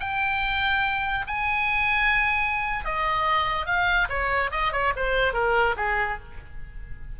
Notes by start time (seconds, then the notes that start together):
0.00 G5
1.27 G#5
2.85 D#5
3.66 F5
4.09 C#5
4.51 D#5
4.72 C#5
4.96 C5
5.33 A#4
5.77 G#4